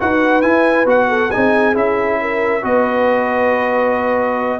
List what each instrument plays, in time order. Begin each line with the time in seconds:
0.00 tuba D#4, trombone F#4, horn B4, trumpet F#5
0.41 trombone E4, tuba E4, trumpet G#5
0.85 tuba B3, trombone F#4, trumpet F#5
1.08 horn A4
1.31 tuba C4, trombone D#4, horn G#4, trumpet G#5
1.74 tuba C#4, trombone E4, trumpet E5
2.21 horn A#4
2.62 tuba B3, trombone F#4, horn B4, trumpet D#5